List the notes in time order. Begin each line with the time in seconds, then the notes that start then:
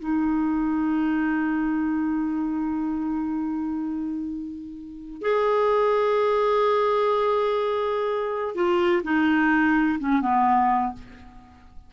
0.00 D#4
5.22 G#4
8.55 F4
9.04 D#4
10.00 C#4
10.22 B3